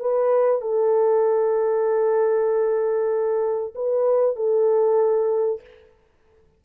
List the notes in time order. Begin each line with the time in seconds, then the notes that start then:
0.00 B4
0.62 A4
3.75 B4
4.36 A4